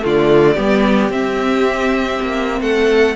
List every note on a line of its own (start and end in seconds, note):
0.00 0.57 D3
0.00 0.55 A3
0.00 0.54 F4
0.06 1.12 D5
0.54 1.09 G3
0.54 1.10 B3
0.54 2.58 G4
1.09 2.18 C4
1.09 3.15 C4
1.09 2.61 E5
2.21 2.60 A#3
2.60 3.15 A3
2.60 3.15 A4
2.60 3.16 F#5